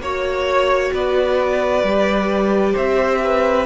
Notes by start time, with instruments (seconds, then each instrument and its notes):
0.00 cello A#3, viola F#4, violin C#5
0.93 cello B3, violin B4 D5
1.84 cello G3, viola G4
2.73 cello C4, violin C5 E5
3.24 violin B4